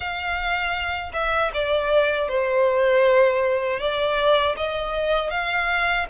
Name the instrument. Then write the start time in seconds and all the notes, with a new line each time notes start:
violin
0.00 F5
1.13 E5
1.53 D5
2.28 C5
3.79 D5
4.56 D#5
5.30 F5